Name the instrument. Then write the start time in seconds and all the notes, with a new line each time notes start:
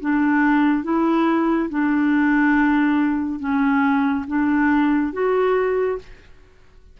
clarinet
0.00 D4
0.83 E4
1.69 D4
3.39 C#4
4.27 D4
5.12 F#4